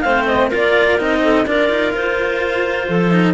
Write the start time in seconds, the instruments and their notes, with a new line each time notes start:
0.00 cello A3 C4, clarinet C5 F5
0.26 clarinet D#5
0.48 cello A#3 F4, clarinet A#4
0.56 clarinet D5
0.98 cello C4 D#4, clarinet D#5
1.22 clarinet A4
1.45 cello D4 F4, clarinet A#4 D5
1.69 cello D#4
1.93 cello F4, clarinet C5
2.88 cello F3, clarinet A4
3.11 cello D#4